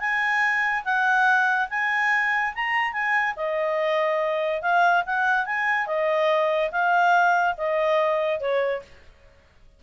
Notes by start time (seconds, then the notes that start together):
0.00 G#5
0.85 F#5
1.70 G#5
2.55 A#5
2.93 G#5
3.36 D#5
4.62 F5
5.06 F#5
5.46 G#5
5.87 D#5
6.71 F5
7.57 D#5
8.40 C#5